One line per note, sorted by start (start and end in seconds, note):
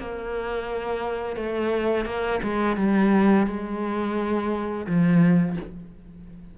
0.00 1.37 A#3
1.37 2.05 A3
2.05 2.40 A#3
2.43 2.77 G#3
2.77 3.47 G3
3.47 4.86 G#3
4.87 5.57 F3